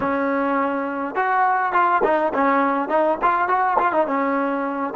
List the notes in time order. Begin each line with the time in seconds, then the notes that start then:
0.00 C#4
1.15 F#4
1.72 F4
2.03 D#4
2.34 C#4
2.88 D#4
3.21 F4
3.48 F#4
3.79 F4
3.92 D#4
4.06 C#4